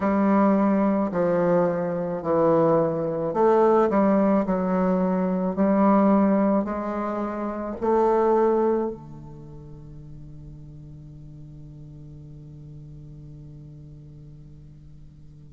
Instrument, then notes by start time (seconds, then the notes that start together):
bassoon
0.00 G3
1.11 F3
2.22 E3
3.33 A3
3.89 G3
4.45 F#3
5.55 G3
6.64 G#3
7.80 A3
8.90 D3